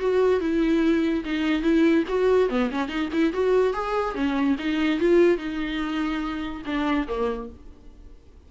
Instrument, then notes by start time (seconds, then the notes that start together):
viola
0.00 F#4
0.41 E4
1.25 D#4
1.62 E4
2.09 F#4
2.50 B3
2.71 C#4
2.89 D#4
3.13 E4
3.33 F#4
3.73 G#4
4.15 C#4
4.59 D#4
5.00 F4
5.38 D#4
6.66 D4
7.08 A#3